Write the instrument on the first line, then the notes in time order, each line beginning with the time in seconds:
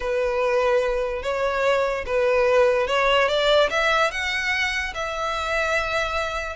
violin
0.00 B4
1.22 C#5
2.06 B4
2.87 C#5
3.28 D5
3.70 E5
4.11 F#5
4.94 E5